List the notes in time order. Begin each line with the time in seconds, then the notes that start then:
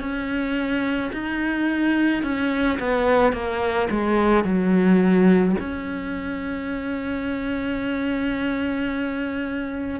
0.00 C#4
1.12 D#4
2.23 C#4
2.79 B3
3.32 A#3
3.90 G#3
4.44 F#3
5.60 C#4